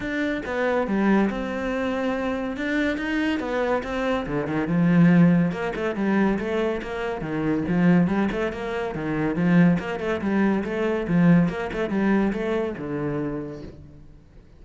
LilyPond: \new Staff \with { instrumentName = "cello" } { \time 4/4 \tempo 4 = 141 d'4 b4 g4 c'4~ | c'2 d'4 dis'4 | b4 c'4 d8 dis8 f4~ | f4 ais8 a8 g4 a4 |
ais4 dis4 f4 g8 a8 | ais4 dis4 f4 ais8 a8 | g4 a4 f4 ais8 a8 | g4 a4 d2 | }